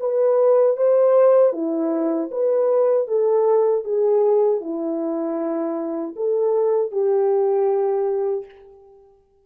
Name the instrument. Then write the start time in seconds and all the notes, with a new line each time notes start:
horn
0.00 B4
0.77 C5
1.53 E4
2.31 B4
3.07 A4
3.84 G#4
4.61 E4
6.16 A4
6.91 G4